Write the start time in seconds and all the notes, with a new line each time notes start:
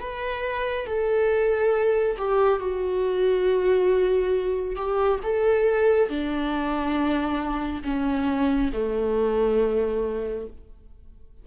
0.00 B4
0.87 A4
2.18 G4
2.60 F#4
4.76 G4
5.23 A4
6.09 D4
7.84 C#4
8.73 A3